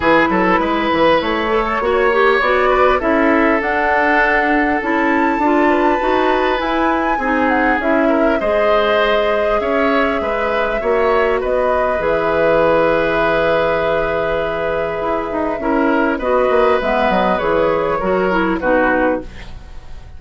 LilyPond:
<<
  \new Staff \with { instrumentName = "flute" } { \time 4/4 \tempo 4 = 100 b'2 cis''2 | d''4 e''4 fis''2 | a''2. gis''4~ | gis''8 fis''8 e''4 dis''2 |
e''2. dis''4 | e''1~ | e''2. dis''4 | e''8 dis''8 cis''2 b'4 | }
  \new Staff \with { instrumentName = "oboe" } { \time 4/4 gis'8 a'8 b'4.~ b'16 a'16 cis''4~ | cis''8 b'8 a'2.~ | a'4. b'2~ b'8 | gis'4. ais'8 c''2 |
cis''4 b'4 cis''4 b'4~ | b'1~ | b'2 ais'4 b'4~ | b'2 ais'4 fis'4 | }
  \new Staff \with { instrumentName = "clarinet" } { \time 4/4 e'2~ e'8 a'8 fis'8 g'8 | fis'4 e'4 d'2 | e'4 f'4 fis'4 e'4 | dis'4 e'4 gis'2~ |
gis'2 fis'2 | gis'1~ | gis'2 e'4 fis'4 | b4 gis'4 fis'8 e'8 dis'4 | }
  \new Staff \with { instrumentName = "bassoon" } { \time 4/4 e8 fis8 gis8 e8 a4 ais4 | b4 cis'4 d'2 | cis'4 d'4 dis'4 e'4 | c'4 cis'4 gis2 |
cis'4 gis4 ais4 b4 | e1~ | e4 e'8 dis'8 cis'4 b8 ais8 | gis8 fis8 e4 fis4 b,4 | }
>>